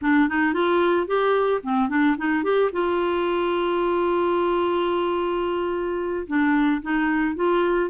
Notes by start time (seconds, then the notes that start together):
0.01 D4
0.29 D#4
0.53 F4
1.07 G4
1.63 C4
1.89 D4
2.17 D#4
2.43 G4
2.72 F4
6.27 D4
6.82 D#4
7.35 F4